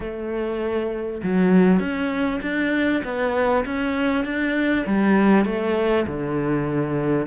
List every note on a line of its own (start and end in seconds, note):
0.00 1.21 A3
1.23 1.79 F#3
1.79 2.40 C#4
2.42 3.02 D4
3.04 3.64 B3
3.65 4.25 C#4
4.25 4.85 D4
4.86 5.45 G3
5.45 6.06 A3
6.06 7.26 D3